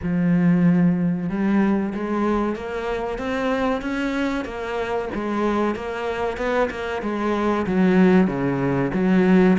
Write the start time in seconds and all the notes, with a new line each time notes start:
0.03 F3
1.29 G3
1.94 G#3
2.55 A#3
3.18 C4
3.81 C#4
4.44 A#3
5.14 G#3
5.75 A#3
6.37 B3
6.70 A#3
7.02 G#3
7.66 F#3
8.27 C#3
8.93 F#3